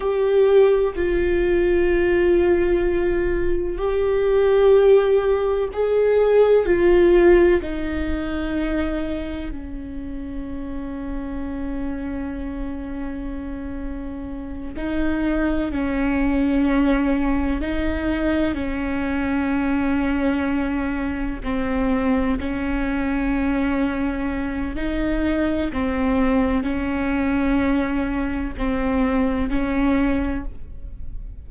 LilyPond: \new Staff \with { instrumentName = "viola" } { \time 4/4 \tempo 4 = 63 g'4 f'2. | g'2 gis'4 f'4 | dis'2 cis'2~ | cis'2.~ cis'8 dis'8~ |
dis'8 cis'2 dis'4 cis'8~ | cis'2~ cis'8 c'4 cis'8~ | cis'2 dis'4 c'4 | cis'2 c'4 cis'4 | }